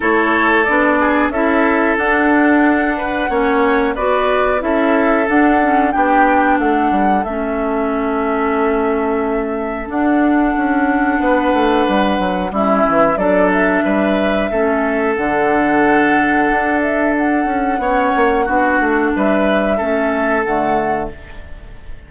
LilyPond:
<<
  \new Staff \with { instrumentName = "flute" } { \time 4/4 \tempo 4 = 91 cis''4 d''4 e''4 fis''4~ | fis''2 d''4 e''4 | fis''4 g''4 fis''4 e''4~ | e''2. fis''4~ |
fis''2. e''4 | d''8 e''2~ e''8 fis''4~ | fis''4. e''8 fis''2~ | fis''4 e''2 fis''4 | }
  \new Staff \with { instrumentName = "oboe" } { \time 4/4 a'4. gis'8 a'2~ | a'8 b'8 cis''4 b'4 a'4~ | a'4 g'4 a'2~ | a'1~ |
a'4 b'2 e'4 | a'4 b'4 a'2~ | a'2. cis''4 | fis'4 b'4 a'2 | }
  \new Staff \with { instrumentName = "clarinet" } { \time 4/4 e'4 d'4 e'4 d'4~ | d'4 cis'4 fis'4 e'4 | d'8 cis'8 d'2 cis'4~ | cis'2. d'4~ |
d'2. cis'4 | d'2 cis'4 d'4~ | d'2. cis'4 | d'2 cis'4 a4 | }
  \new Staff \with { instrumentName = "bassoon" } { \time 4/4 a4 b4 cis'4 d'4~ | d'4 ais4 b4 cis'4 | d'4 b4 a8 g8 a4~ | a2. d'4 |
cis'4 b8 a8 g8 fis8 g8 e8 | fis4 g4 a4 d4~ | d4 d'4. cis'8 b8 ais8 | b8 a8 g4 a4 d4 | }
>>